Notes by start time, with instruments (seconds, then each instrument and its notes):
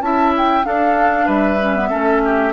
0.00 bassoon C#4, clarinet E4, oboe E5, flute A5
0.37 flute G5
0.64 clarinet D4, bassoon D4, oboe A4, flute F5
1.26 bassoon G3, oboe B4, flute E5
1.61 clarinet C#4
1.76 clarinet B3
1.89 bassoon A3, clarinet C#4, oboe A4
2.25 oboe G4